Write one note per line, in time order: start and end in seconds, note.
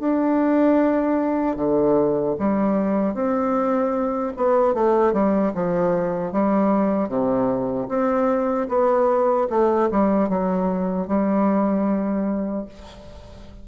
0.00 1.57 D4
1.57 2.36 D3
2.39 3.15 G3
3.15 4.33 C4
4.37 4.75 B3
4.75 5.14 A3
5.14 5.53 G3
5.54 6.33 F3
6.33 7.09 G3
7.09 7.88 C3
7.89 8.68 C4
8.69 9.48 B3
9.50 9.90 A3
9.92 10.30 G3
10.30 11.08 F#3
11.08 12.66 G3